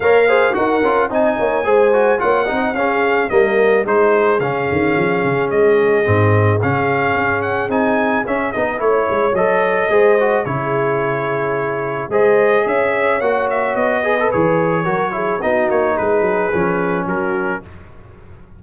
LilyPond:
<<
  \new Staff \with { instrumentName = "trumpet" } { \time 4/4 \tempo 4 = 109 f''4 fis''4 gis''2 | fis''4 f''4 dis''4 c''4 | f''2 dis''2 | f''4. fis''8 gis''4 e''8 dis''8 |
cis''4 dis''2 cis''4~ | cis''2 dis''4 e''4 | fis''8 e''8 dis''4 cis''2 | dis''8 cis''8 b'2 ais'4 | }
  \new Staff \with { instrumentName = "horn" } { \time 4/4 cis''8 c''8 ais'4 dis''8 cis''8 c''4 | cis''8 dis''8 gis'4 ais'4 gis'4~ | gis'1~ | gis'1 |
cis''2 c''4 gis'4~ | gis'2 c''4 cis''4~ | cis''4. b'4. ais'8 gis'8 | fis'4 gis'2 fis'4 | }
  \new Staff \with { instrumentName = "trombone" } { \time 4/4 ais'8 gis'8 fis'8 f'8 dis'4 gis'8 fis'8 | f'8 dis'8 cis'4 ais4 dis'4 | cis'2. c'4 | cis'2 dis'4 cis'8 dis'8 |
e'4 a'4 gis'8 fis'8 e'4~ | e'2 gis'2 | fis'4. gis'16 a'16 gis'4 fis'8 e'8 | dis'2 cis'2 | }
  \new Staff \with { instrumentName = "tuba" } { \time 4/4 ais4 dis'8 cis'8 c'8 ais8 gis4 | ais8 c'8 cis'4 g4 gis4 | cis8 dis8 f8 cis8 gis4 gis,4 | cis4 cis'4 c'4 cis'8 b8 |
a8 gis8 fis4 gis4 cis4~ | cis2 gis4 cis'4 | ais4 b4 e4 fis4 | b8 ais8 gis8 fis8 f4 fis4 | }
>>